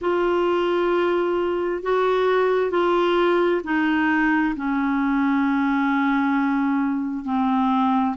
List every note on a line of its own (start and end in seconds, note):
0.01 1.82 F4
1.82 2.70 F#4
2.70 3.61 F4
3.64 4.55 D#4
4.56 7.24 C#4
7.24 8.15 C4